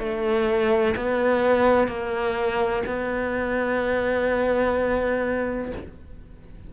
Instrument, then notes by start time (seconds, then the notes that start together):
cello
0.00 A3
0.97 B3
1.88 A#3
2.87 B3